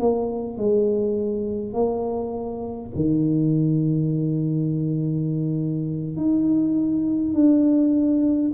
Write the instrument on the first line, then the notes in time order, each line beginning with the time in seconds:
tuba
0.00 A#3
0.58 G#3
1.74 A#3
2.96 D#3
6.17 D#4
7.34 D4